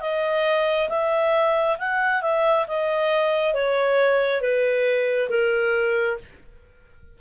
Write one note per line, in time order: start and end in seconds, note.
0.00 0.88 D#5
0.89 1.77 E5
1.78 2.22 F#5
2.22 2.66 E5
2.68 3.54 D#5
3.54 4.41 C#5
4.41 5.29 B4
5.29 6.18 A#4